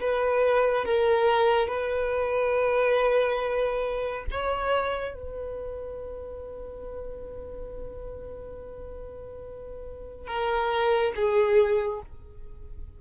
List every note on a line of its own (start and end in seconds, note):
0.00 0.85 B4
0.85 1.68 A#4
1.68 4.25 B4
4.30 5.14 C#5
5.14 10.27 B4
10.27 11.12 A#4
11.15 12.01 G#4